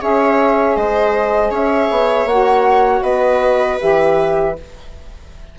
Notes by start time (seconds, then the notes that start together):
0.00 C#4 G#4 C#5 E5
0.76 G#3 C5 D#5
1.50 C#4 C#5 E5
1.90 B3
2.25 A#3 F#4 F#5
3.01 B3 B4 D#5
3.79 E3 G4 E5